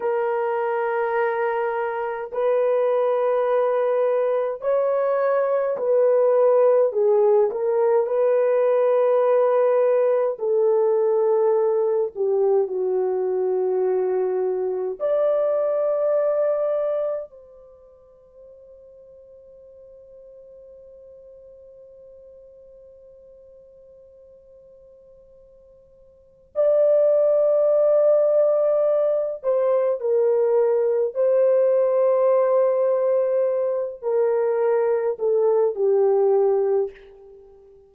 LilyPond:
\new Staff \with { instrumentName = "horn" } { \time 4/4 \tempo 4 = 52 ais'2 b'2 | cis''4 b'4 gis'8 ais'8 b'4~ | b'4 a'4. g'8 fis'4~ | fis'4 d''2 c''4~ |
c''1~ | c''2. d''4~ | d''4. c''8 ais'4 c''4~ | c''4. ais'4 a'8 g'4 | }